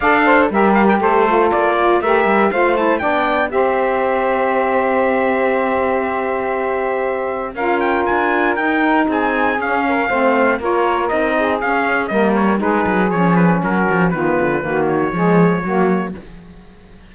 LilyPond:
<<
  \new Staff \with { instrumentName = "trumpet" } { \time 4/4 \tempo 4 = 119 f''4 e''8 f''16 g''16 c''4 d''4 | e''4 f''8 a''8 g''4 e''4~ | e''1~ | e''2. f''8 g''8 |
gis''4 g''4 gis''4 f''4~ | f''4 cis''4 dis''4 f''4 | dis''8 cis''8 b'4 cis''8 b'8 ais'4 | b'4. cis''2~ cis''8 | }
  \new Staff \with { instrumentName = "saxophone" } { \time 4/4 d''8 c''8 ais'4 a'4. f'8 | ais'4 c''4 d''4 c''4~ | c''1~ | c''2. ais'4~ |
ais'2 gis'4. ais'8 | c''4 ais'4. gis'4. | ais'4 gis'2 fis'4 | f'4 fis'4 gis'4 fis'4 | }
  \new Staff \with { instrumentName = "saxophone" } { \time 4/4 a'4 g'4. f'4. | g'4 f'8 e'8 d'4 g'4~ | g'1~ | g'2. f'4~ |
f'4 dis'2 cis'4 | c'4 f'4 dis'4 cis'4 | ais4 dis'4 cis'2 | b4 ais4 gis4 ais4 | }
  \new Staff \with { instrumentName = "cello" } { \time 4/4 d'4 g4 a4 ais4 | a8 g8 a4 b4 c'4~ | c'1~ | c'2. cis'4 |
d'4 dis'4 c'4 cis'4 | a4 ais4 c'4 cis'4 | g4 gis8 fis8 f4 fis8 f8 | dis8 d8 dis4 f4 fis4 | }
>>